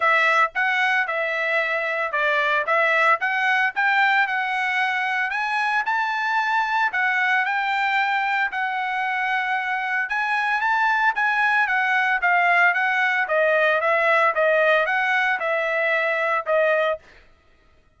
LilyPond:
\new Staff \with { instrumentName = "trumpet" } { \time 4/4 \tempo 4 = 113 e''4 fis''4 e''2 | d''4 e''4 fis''4 g''4 | fis''2 gis''4 a''4~ | a''4 fis''4 g''2 |
fis''2. gis''4 | a''4 gis''4 fis''4 f''4 | fis''4 dis''4 e''4 dis''4 | fis''4 e''2 dis''4 | }